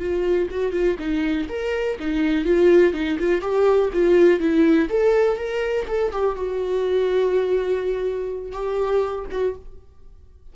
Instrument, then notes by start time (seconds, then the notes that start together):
viola
0.00 F4
0.51 F#4
0.73 F4
0.99 D#4
1.49 A#4
2.00 D#4
2.45 F4
2.94 D#4
3.19 F4
3.41 G4
3.93 F4
4.40 E4
4.90 A4
5.37 A#4
5.88 A4
6.12 G4
6.36 F#4
8.52 G4
9.31 F#4